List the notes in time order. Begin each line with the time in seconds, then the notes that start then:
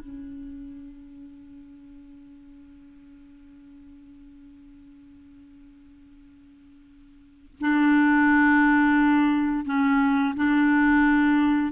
0.00 C#4
7.61 D4
9.66 C#4
10.36 D4